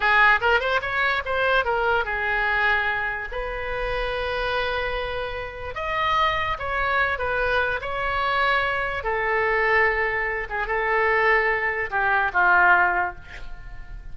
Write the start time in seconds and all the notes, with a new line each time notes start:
0.00 G#4
0.40 A#4
0.60 C5
0.81 C#5
1.25 C5
1.64 A#4
2.05 G#4
3.31 B4
5.74 D#5
6.58 C#5
7.18 B4
7.81 C#5
9.03 A4
10.49 G#4
10.66 A4
11.90 G4
12.33 F4